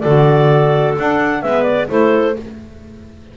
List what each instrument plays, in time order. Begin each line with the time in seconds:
0.00 double bass D3, saxophone F#4, clarinet A4 D5
0.98 saxophone D4, double bass D4, clarinet F#5
1.42 double bass G#3, saxophone B3, clarinet B4 E5
1.63 clarinet D5
1.89 double bass A3, saxophone E4, clarinet A4 C5